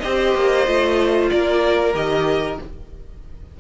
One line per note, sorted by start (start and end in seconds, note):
0.00 0.35 C4
0.00 0.66 G4
0.00 1.31 C5
0.00 1.28 D#5
0.35 0.67 A#3
0.66 1.31 A3
0.66 1.93 F4
1.30 1.94 A#3
1.30 2.60 A#4
1.30 1.94 D5
1.94 2.58 D#3
1.94 2.58 G4
1.94 2.59 D#5